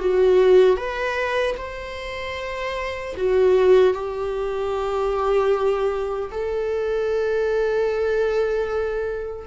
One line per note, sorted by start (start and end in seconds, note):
0.00 0.77 F#4
0.77 1.56 B4
1.58 3.15 C5
3.17 3.94 F#4
3.94 6.31 G4
6.32 9.47 A4